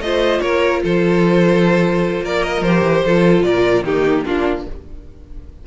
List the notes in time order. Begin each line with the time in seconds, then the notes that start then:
0.00 A3 F4 C5 D#5
0.41 A#3 A#4 C#5
0.83 F3 A4 C5
2.22 A#3 A#4 D5
2.43 D#5
2.61 F3 G4 C5
2.82 E3
3.05 F3 F4 A4
3.43 A#2 A#4 D5
3.83 D#3 A#3 D#4 G4
4.25 A#3 D4 F4